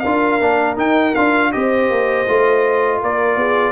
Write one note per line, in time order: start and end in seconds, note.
0.00 0.41 D4
0.00 0.41 F4
0.00 1.51 A#4
0.00 0.74 F5
0.41 0.77 A#3
0.41 0.76 D4
0.76 1.13 D#4
0.76 1.14 D#4
0.76 1.15 G5
1.15 1.54 D4
1.15 1.53 F4
1.15 1.52 F5
1.52 1.90 C4
1.52 2.27 G4
1.52 3.01 C5
1.52 3.00 D#5
1.90 2.27 A#3
2.27 3.03 A3
2.27 3.72 F4
3.01 3.36 A#3
3.01 3.38 A#4
3.01 3.72 D5
3.36 3.72 B3
3.36 3.72 G#4